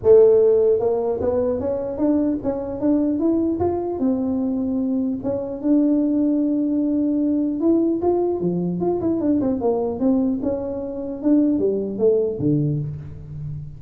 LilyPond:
\new Staff \with { instrumentName = "tuba" } { \time 4/4 \tempo 4 = 150 a2 ais4 b4 | cis'4 d'4 cis'4 d'4 | e'4 f'4 c'2~ | c'4 cis'4 d'2~ |
d'2. e'4 | f'4 f4 f'8 e'8 d'8 c'8 | ais4 c'4 cis'2 | d'4 g4 a4 d4 | }